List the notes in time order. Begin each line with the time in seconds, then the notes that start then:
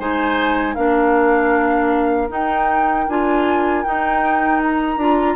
0.00 G#3 D#4 C5 G#5
0.75 A#3 D4 A#4 F5
2.29 D#4 G5
3.08 D4 F4 G#5
3.84 D#4 G5
4.63 A#5
4.97 D4 F4